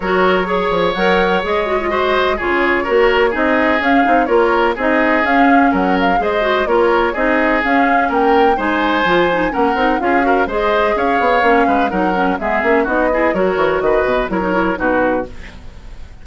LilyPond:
<<
  \new Staff \with { instrumentName = "flute" } { \time 4/4 \tempo 4 = 126 cis''2 fis''4 dis''4~ | dis''4 cis''2 dis''4 | f''4 cis''4 dis''4 f''4 | fis''8 f''8 dis''4 cis''4 dis''4 |
f''4 g''4 gis''2 | fis''4 f''4 dis''4 f''4~ | f''4 fis''4 e''4 dis''4 | cis''4 dis''4 cis''4 b'4 | }
  \new Staff \with { instrumentName = "oboe" } { \time 4/4 ais'4 cis''2. | c''4 gis'4 ais'4 gis'4~ | gis'4 ais'4 gis'2 | ais'4 c''4 ais'4 gis'4~ |
gis'4 ais'4 c''2 | ais'4 gis'8 ais'8 c''4 cis''4~ | cis''8 b'8 ais'4 gis'4 fis'8 gis'8 | ais'4 b'4 ais'4 fis'4 | }
  \new Staff \with { instrumentName = "clarinet" } { \time 4/4 fis'4 gis'4 ais'4 gis'8 fis'16 f'16 | fis'4 f'4 fis'4 dis'4 | cis'8 dis'8 f'4 dis'4 cis'4~ | cis'4 gis'8 fis'8 f'4 dis'4 |
cis'2 dis'4 f'8 dis'8 | cis'8 dis'8 f'8 fis'8 gis'2 | cis'4 dis'8 cis'8 b8 cis'8 dis'8 e'8 | fis'2 e'16 dis'16 e'8 dis'4 | }
  \new Staff \with { instrumentName = "bassoon" } { \time 4/4 fis4. f8 fis4 gis4~ | gis4 cis4 ais4 c'4 | cis'8 c'8 ais4 c'4 cis'4 | fis4 gis4 ais4 c'4 |
cis'4 ais4 gis4 f4 | ais8 c'8 cis'4 gis4 cis'8 b8 | ais8 gis8 fis4 gis8 ais8 b4 | fis8 e8 dis8 b,8 fis4 b,4 | }
>>